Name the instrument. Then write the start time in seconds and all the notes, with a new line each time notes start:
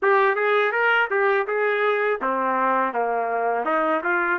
trumpet
0.02 G4
0.35 G#4
0.72 A#4
1.10 G4
1.47 G#4
2.21 C4
2.93 A#3
3.65 D#4
4.03 F4